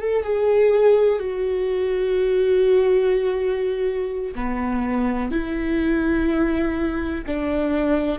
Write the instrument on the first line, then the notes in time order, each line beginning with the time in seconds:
viola
0.00 A4
0.24 G#4
1.20 F#4
4.35 B3
5.32 E4
7.27 D4